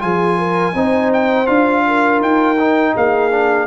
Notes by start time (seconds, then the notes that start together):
0.00 F3 F4 G#4 G#5
0.38 A#4
0.75 C4 D#4 C5
1.13 G5
1.46 D4 F4 F5
1.87 A#4
2.21 D#4 G5
2.60 D#4
2.95 A#3 G#4 F5
3.31 D4